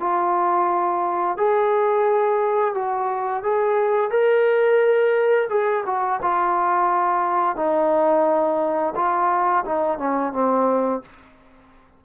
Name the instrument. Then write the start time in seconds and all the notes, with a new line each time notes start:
trombone
0.00 F4
1.38 G#4
2.75 F#4
3.44 G#4
4.11 A#4
5.50 G#4
5.87 F#4
6.22 F4
7.56 D#4
8.96 F4
9.66 D#4
9.99 C#4
10.33 C4